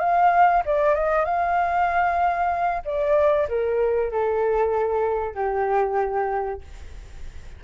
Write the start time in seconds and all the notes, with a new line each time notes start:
0.00 F5
0.66 D5
0.95 D#5
1.25 F5
2.85 D5
3.49 A#4
4.12 A4
5.35 G4